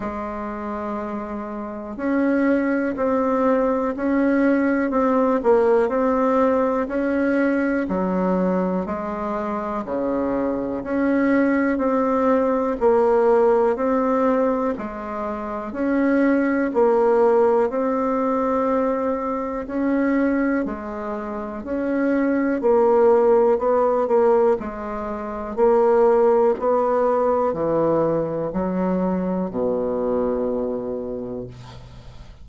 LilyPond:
\new Staff \with { instrumentName = "bassoon" } { \time 4/4 \tempo 4 = 61 gis2 cis'4 c'4 | cis'4 c'8 ais8 c'4 cis'4 | fis4 gis4 cis4 cis'4 | c'4 ais4 c'4 gis4 |
cis'4 ais4 c'2 | cis'4 gis4 cis'4 ais4 | b8 ais8 gis4 ais4 b4 | e4 fis4 b,2 | }